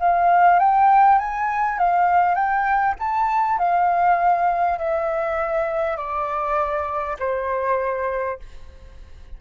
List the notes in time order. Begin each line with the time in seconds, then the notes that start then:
0.00 F5
0.60 G5
1.19 G#5
1.79 F5
2.35 G5
2.99 A5
3.59 F5
4.79 E5
5.97 D5
7.20 C5